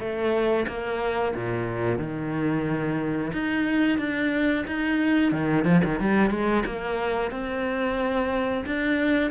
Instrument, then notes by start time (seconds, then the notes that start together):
cello
0.00 A3
0.68 A#3
1.36 A#2
1.99 D#3
3.33 D#4
3.99 D4
4.68 D#4
5.32 D#3
5.65 F3
5.85 D#3
6.00 G3
6.31 G#3
6.66 A#3
7.32 C4
8.66 D4